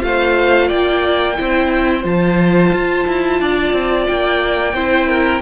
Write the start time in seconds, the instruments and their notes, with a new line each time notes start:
0.00 cello A3, viola F4, violin C5 F5
0.68 cello A#3, violin D5 G5
1.36 cello C4, viola E4, violin C5
2.04 cello F3, viola F4, violin A5
2.73 cello F4
3.07 cello E4
3.41 cello D4, violin D5
3.73 cello C4
4.08 cello A#3, violin G5
4.73 cello C4, viola E4, violin C5
5.08 violin A#4